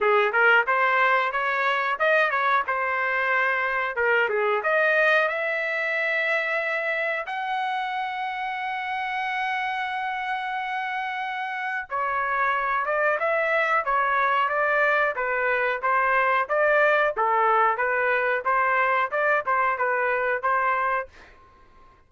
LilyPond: \new Staff \with { instrumentName = "trumpet" } { \time 4/4 \tempo 4 = 91 gis'8 ais'8 c''4 cis''4 dis''8 cis''8 | c''2 ais'8 gis'8 dis''4 | e''2. fis''4~ | fis''1~ |
fis''2 cis''4. d''8 | e''4 cis''4 d''4 b'4 | c''4 d''4 a'4 b'4 | c''4 d''8 c''8 b'4 c''4 | }